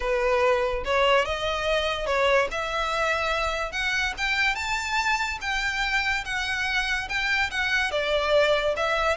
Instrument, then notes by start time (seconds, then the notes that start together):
violin
0.00 B4
0.84 C#5
1.25 D#5
2.06 C#5
2.51 E5
3.72 F#5
4.17 G5
4.55 A5
5.41 G5
6.24 F#5
7.08 G5
7.50 F#5
7.91 D5
8.76 E5